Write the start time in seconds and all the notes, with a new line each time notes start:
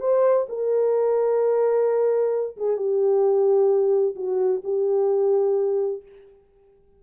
0.00 C5
0.49 A#4
2.57 G#4
2.77 G4
4.16 F#4
4.64 G4